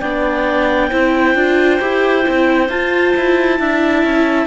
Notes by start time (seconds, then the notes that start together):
0.00 B3 D4 D5 G5
0.90 C4 E4 C5
1.35 D4 F4
1.80 E4 G4
2.23 C4 E4
2.69 F4 A5
3.17 E4
3.59 D4 E4 E5
4.04 C#4